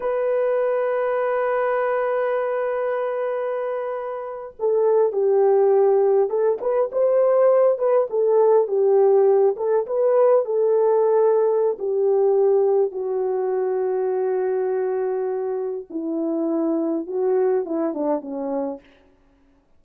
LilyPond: \new Staff \with { instrumentName = "horn" } { \time 4/4 \tempo 4 = 102 b'1~ | b'2.~ b'8. a'16~ | a'8. g'2 a'8 b'8 c''16~ | c''4~ c''16 b'8 a'4 g'4~ g'16~ |
g'16 a'8 b'4 a'2~ a'16 | g'2 fis'2~ | fis'2. e'4~ | e'4 fis'4 e'8 d'8 cis'4 | }